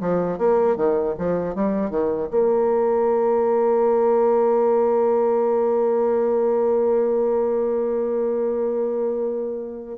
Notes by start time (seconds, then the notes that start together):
0.00 F3
0.38 A#3
0.76 D#3
1.18 F3
1.55 G3
1.90 D#3
2.30 A#3